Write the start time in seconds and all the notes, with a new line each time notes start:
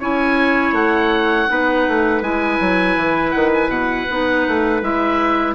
0.00 C#4 E4 C#5 G#5
0.72 A3 F#5
1.48 B3 D#4 B4
1.88 A3
2.21 G#3 E4 G#5
2.60 F#3
2.96 E3
3.31 D#3 F#5
3.54 G#5
3.68 B2 F#5
4.10 B3 D#4
4.48 A3
4.82 G#3 E4 E5